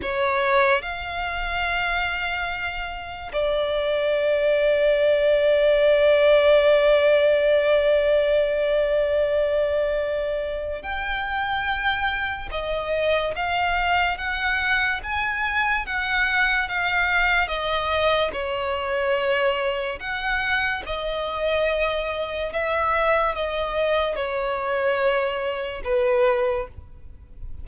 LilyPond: \new Staff \with { instrumentName = "violin" } { \time 4/4 \tempo 4 = 72 cis''4 f''2. | d''1~ | d''1~ | d''4 g''2 dis''4 |
f''4 fis''4 gis''4 fis''4 | f''4 dis''4 cis''2 | fis''4 dis''2 e''4 | dis''4 cis''2 b'4 | }